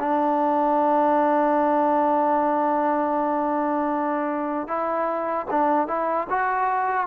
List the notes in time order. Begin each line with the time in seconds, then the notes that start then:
0.00 D4
4.68 E4
5.51 D4
5.88 E4
6.30 F#4